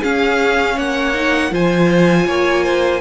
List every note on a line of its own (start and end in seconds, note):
0.00 1.14 C#4
0.00 0.77 C#4
0.00 0.75 G#4
0.00 0.78 F5
0.76 1.51 A#3
0.76 1.51 C#5
0.76 1.53 F#5
1.14 1.50 D#4
1.50 2.26 F3
1.50 3.00 F4
1.50 2.26 C5
1.50 3.01 G#5
2.26 3.01 A#3
2.26 2.63 C#5
2.63 3.01 C5